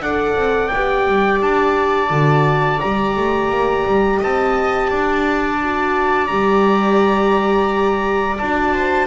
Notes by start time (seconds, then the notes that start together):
0.00 D4 A4 D5 F#5
0.35 C4
0.68 B3 G5
0.75 G4
1.07 G3
1.41 D4 A5
2.09 D3 F#4
2.80 G3 G4 A#5
3.16 A3
3.50 A#3
3.86 G3
4.18 C4 D#5 A5
4.90 D4 D5
5.62 F#4
6.27 G3 G4 A#5
8.38 D4 F#4 A5
8.74 C5